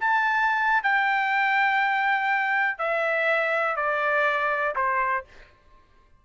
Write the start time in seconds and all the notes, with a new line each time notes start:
0.00 A5
0.83 G5
2.78 E5
3.76 D5
4.75 C5